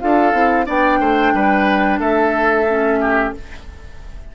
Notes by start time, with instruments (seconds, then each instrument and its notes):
0.00 bassoon D4, clarinet F4, oboe A4, flute F5
0.33 bassoon C4, clarinet E4
0.66 bassoon B3, clarinet D4, oboe D5, flute G5
1.00 bassoon A3, oboe C5
1.34 bassoon G3, oboe B4
2.00 bassoon A3, oboe A4, flute E5
2.69 clarinet C#4
3.01 oboe G4